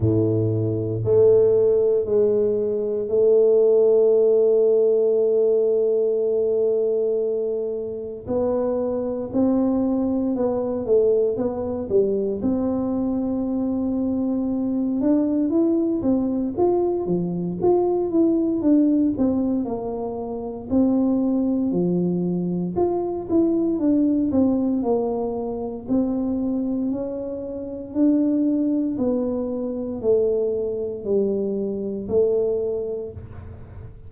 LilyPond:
\new Staff \with { instrumentName = "tuba" } { \time 4/4 \tempo 4 = 58 a,4 a4 gis4 a4~ | a1 | b4 c'4 b8 a8 b8 g8 | c'2~ c'8 d'8 e'8 c'8 |
f'8 f8 f'8 e'8 d'8 c'8 ais4 | c'4 f4 f'8 e'8 d'8 c'8 | ais4 c'4 cis'4 d'4 | b4 a4 g4 a4 | }